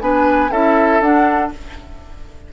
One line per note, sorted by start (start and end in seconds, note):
0.00 0.50 B3
0.00 0.50 D4
0.00 0.51 B4
0.00 0.51 G#5
0.50 1.00 C#4
0.50 1.02 E4
0.50 1.52 A4
0.50 1.01 E5
1.00 1.51 D4
1.00 1.53 D4
1.00 1.51 F#5